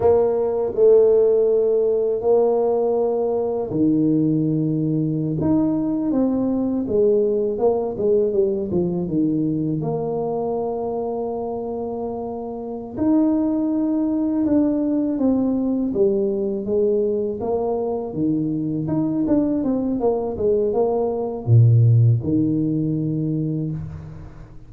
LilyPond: \new Staff \with { instrumentName = "tuba" } { \time 4/4 \tempo 4 = 81 ais4 a2 ais4~ | ais4 dis2~ dis16 dis'8.~ | dis'16 c'4 gis4 ais8 gis8 g8 f16~ | f16 dis4 ais2~ ais8.~ |
ais4. dis'2 d'8~ | d'8 c'4 g4 gis4 ais8~ | ais8 dis4 dis'8 d'8 c'8 ais8 gis8 | ais4 ais,4 dis2 | }